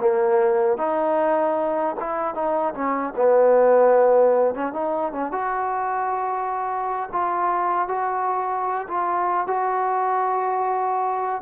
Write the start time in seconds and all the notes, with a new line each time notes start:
0.00 A#3
0.78 D#4
2.00 E4
2.34 D#4
2.74 C#4
3.16 B3
4.55 C#4
4.73 D#4
5.12 C#4
5.32 F#4
7.12 F4
7.88 F#4
8.88 F4
9.47 F#4